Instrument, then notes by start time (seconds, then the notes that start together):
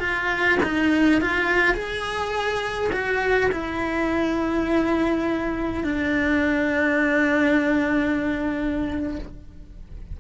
cello
0.00 F4
0.63 D#4
1.21 F4
1.74 G#4
2.92 F#4
3.52 E4
5.84 D4